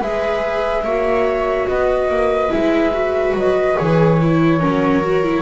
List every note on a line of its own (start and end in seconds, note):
0.00 0.85 G#3
0.00 0.86 G#4
0.00 0.83 B4
0.00 1.68 E5
0.85 1.68 A#3
0.85 2.50 F#4
0.85 1.68 C#5
1.68 2.10 B3
1.68 4.59 B4
1.68 2.52 D#5
2.10 2.51 A#3
2.50 3.35 G#3
2.50 2.91 E4
2.50 3.35 E5
2.93 3.77 F#4
3.35 3.76 F#3
3.35 3.79 D#5
3.77 4.64 E3
3.77 4.19 G#4
3.77 5.42 C#5
4.22 4.61 E4
4.59 5.42 F#3
4.59 5.02 C#4
4.59 5.42 A#4
5.03 5.24 F#4
5.24 5.42 E4